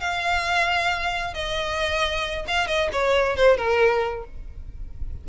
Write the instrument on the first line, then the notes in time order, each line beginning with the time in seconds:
violin
0.00 F5
1.34 D#5
2.47 F5
2.67 D#5
2.92 C#5
3.36 C5
3.57 A#4